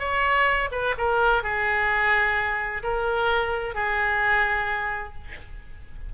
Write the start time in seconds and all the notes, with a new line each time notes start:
0.00 C#5
0.72 B4
0.98 A#4
1.43 G#4
2.83 A#4
3.75 G#4